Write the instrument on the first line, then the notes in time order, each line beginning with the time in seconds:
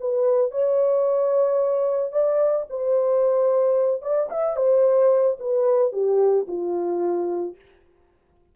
horn
0.00 B4
0.51 C#5
2.12 D5
2.70 C5
4.02 D5
4.30 E5
4.57 C5
5.40 B4
5.92 G4
6.47 F4